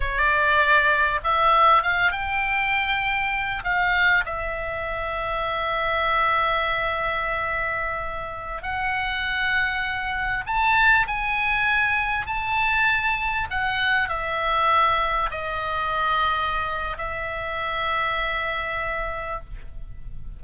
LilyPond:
\new Staff \with { instrumentName = "oboe" } { \time 4/4 \tempo 4 = 99 d''2 e''4 f''8 g''8~ | g''2 f''4 e''4~ | e''1~ | e''2~ e''16 fis''4.~ fis''16~ |
fis''4~ fis''16 a''4 gis''4.~ gis''16~ | gis''16 a''2 fis''4 e''8.~ | e''4~ e''16 dis''2~ dis''8. | e''1 | }